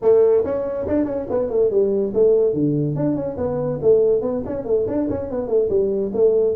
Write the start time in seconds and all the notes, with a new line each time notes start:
0.02 A3
0.44 C#4
0.87 D4
1.05 C#4
1.30 B3
1.50 A3
1.70 G3
2.13 A3
2.53 D3
2.95 D4
3.15 C#4
3.37 B3
3.82 A3
4.21 B3
4.45 C#4
4.64 A3
4.87 D4
5.09 C#4
5.30 B3
5.47 A3
5.69 G3
6.14 A3